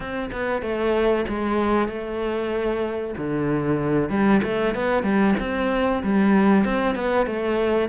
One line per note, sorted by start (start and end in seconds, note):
0.00 0.30 C4
0.32 0.61 B3
0.61 1.25 A3
1.28 1.88 G#3
1.88 3.14 A3
3.17 4.09 D3
4.09 4.41 G3
4.43 4.74 A3
4.74 5.03 B3
5.03 5.35 G3
5.39 6.02 C4
6.03 6.64 G3
6.64 6.95 C4
6.95 7.26 B3
7.26 7.88 A3